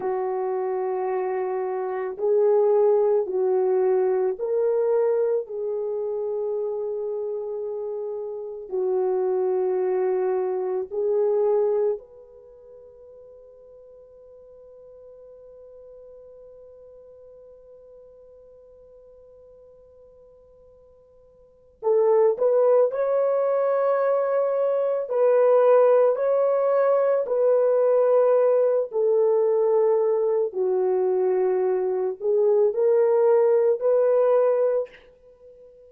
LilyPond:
\new Staff \with { instrumentName = "horn" } { \time 4/4 \tempo 4 = 55 fis'2 gis'4 fis'4 | ais'4 gis'2. | fis'2 gis'4 b'4~ | b'1~ |
b'1 | a'8 b'8 cis''2 b'4 | cis''4 b'4. a'4. | fis'4. gis'8 ais'4 b'4 | }